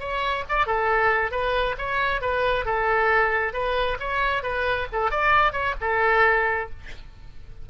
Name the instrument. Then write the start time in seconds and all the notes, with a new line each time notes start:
oboe
0.00 C#5
0.49 D5
0.67 A4
1.32 B4
1.78 C#5
2.21 B4
2.66 A4
3.54 B4
4.00 C#5
4.43 B4
4.93 A4
5.12 D5
5.53 C#5
5.81 A4